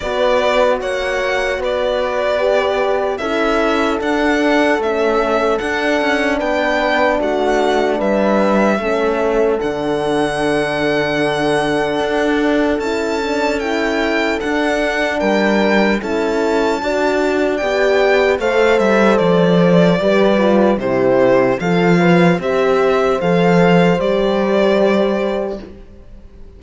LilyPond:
<<
  \new Staff \with { instrumentName = "violin" } { \time 4/4 \tempo 4 = 75 d''4 fis''4 d''2 | e''4 fis''4 e''4 fis''4 | g''4 fis''4 e''2 | fis''1 |
a''4 g''4 fis''4 g''4 | a''2 g''4 f''8 e''8 | d''2 c''4 f''4 | e''4 f''4 d''2 | }
  \new Staff \with { instrumentName = "horn" } { \time 4/4 b'4 cis''4 b'2 | a'1 | b'4 fis'4 b'4 a'4~ | a'1~ |
a'2. ais'4 | a'4 d''2 c''4~ | c''4 b'4 g'4 a'8 b'8 | c''1 | }
  \new Staff \with { instrumentName = "horn" } { \time 4/4 fis'2. g'4 | e'4 d'4 cis'4 d'4~ | d'2. cis'4 | d'1 |
e'8 d'8 e'4 d'2 | e'4 fis'4 g'4 a'4~ | a'4 g'8 f'8 e'4 f'4 | g'4 a'4 g'2 | }
  \new Staff \with { instrumentName = "cello" } { \time 4/4 b4 ais4 b2 | cis'4 d'4 a4 d'8 cis'8 | b4 a4 g4 a4 | d2. d'4 |
cis'2 d'4 g4 | cis'4 d'4 b4 a8 g8 | f4 g4 c4 f4 | c'4 f4 g2 | }
>>